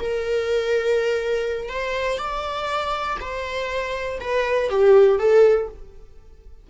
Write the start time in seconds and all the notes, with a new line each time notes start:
0.00 A#4
1.69 C5
2.18 D5
3.20 C5
4.21 B4
4.70 G4
5.19 A4